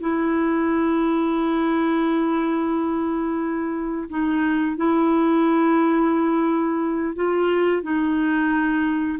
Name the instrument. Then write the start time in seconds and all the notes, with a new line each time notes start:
clarinet
0.00 E4
4.09 D#4
4.77 E4
7.15 F4
7.83 D#4